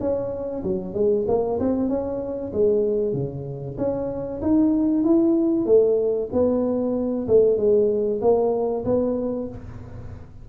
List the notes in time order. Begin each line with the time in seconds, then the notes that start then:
0.00 C#4
0.63 F#3
0.94 G#3
1.28 A#3
1.60 C4
1.89 C#4
2.53 G#3
3.13 C#3
3.78 C#4
4.42 D#4
5.04 E4
5.66 A3
6.33 B3
7.28 A3
7.57 G#3
8.21 A#3
8.85 B3